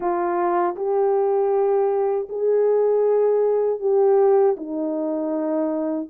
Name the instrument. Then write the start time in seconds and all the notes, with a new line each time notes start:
horn
0.00 F4
0.76 G4
2.29 G#4
3.80 G4
4.56 D#4